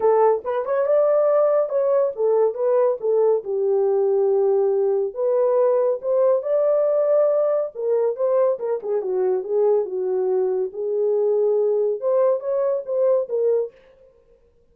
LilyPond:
\new Staff \with { instrumentName = "horn" } { \time 4/4 \tempo 4 = 140 a'4 b'8 cis''8 d''2 | cis''4 a'4 b'4 a'4 | g'1 | b'2 c''4 d''4~ |
d''2 ais'4 c''4 | ais'8 gis'8 fis'4 gis'4 fis'4~ | fis'4 gis'2. | c''4 cis''4 c''4 ais'4 | }